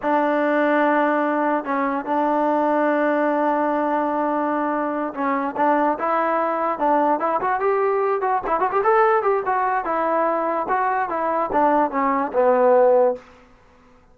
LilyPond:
\new Staff \with { instrumentName = "trombone" } { \time 4/4 \tempo 4 = 146 d'1 | cis'4 d'2.~ | d'1~ | d'8 cis'4 d'4 e'4.~ |
e'8 d'4 e'8 fis'8 g'4. | fis'8 e'8 fis'16 g'16 a'4 g'8 fis'4 | e'2 fis'4 e'4 | d'4 cis'4 b2 | }